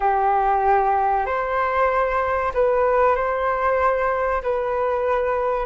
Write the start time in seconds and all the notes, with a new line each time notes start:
0.00 G4
1.26 C5
2.53 B4
3.16 C5
4.42 B4